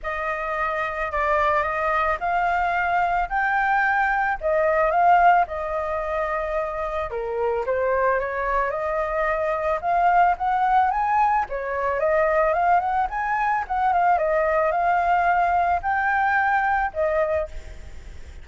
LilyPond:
\new Staff \with { instrumentName = "flute" } { \time 4/4 \tempo 4 = 110 dis''2 d''4 dis''4 | f''2 g''2 | dis''4 f''4 dis''2~ | dis''4 ais'4 c''4 cis''4 |
dis''2 f''4 fis''4 | gis''4 cis''4 dis''4 f''8 fis''8 | gis''4 fis''8 f''8 dis''4 f''4~ | f''4 g''2 dis''4 | }